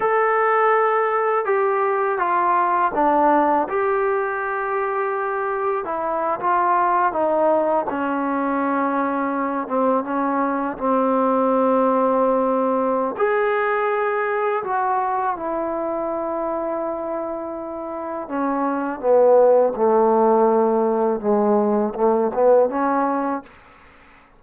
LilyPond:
\new Staff \with { instrumentName = "trombone" } { \time 4/4 \tempo 4 = 82 a'2 g'4 f'4 | d'4 g'2. | e'8. f'4 dis'4 cis'4~ cis'16~ | cis'4~ cis'16 c'8 cis'4 c'4~ c'16~ |
c'2 gis'2 | fis'4 e'2.~ | e'4 cis'4 b4 a4~ | a4 gis4 a8 b8 cis'4 | }